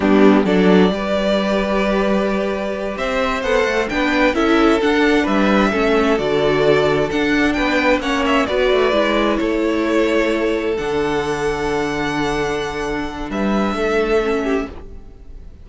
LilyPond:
<<
  \new Staff \with { instrumentName = "violin" } { \time 4/4 \tempo 4 = 131 g'4 d''2.~ | d''2~ d''8 e''4 fis''8~ | fis''8 g''4 e''4 fis''4 e''8~ | e''4. d''2 fis''8~ |
fis''8 g''4 fis''8 e''8 d''4.~ | d''8 cis''2. fis''8~ | fis''1~ | fis''4 e''2. | }
  \new Staff \with { instrumentName = "violin" } { \time 4/4 d'4 a'4 b'2~ | b'2~ b'8 c''4.~ | c''8 b'4 a'2 b'8~ | b'8 a'2.~ a'8~ |
a'8 b'4 cis''4 b'4.~ | b'8 a'2.~ a'8~ | a'1~ | a'4 b'4 a'4. g'8 | }
  \new Staff \with { instrumentName = "viola" } { \time 4/4 b4 d'4 g'2~ | g'2.~ g'8 a'8~ | a'8 d'4 e'4 d'4.~ | d'8 cis'4 fis'2 d'8~ |
d'4. cis'4 fis'4 e'8~ | e'2.~ e'8 d'8~ | d'1~ | d'2. cis'4 | }
  \new Staff \with { instrumentName = "cello" } { \time 4/4 g4 fis4 g2~ | g2~ g8 c'4 b8 | a8 b4 cis'4 d'4 g8~ | g8 a4 d2 d'8~ |
d'8 b4 ais4 b8 a8 gis8~ | gis8 a2. d8~ | d1~ | d4 g4 a2 | }
>>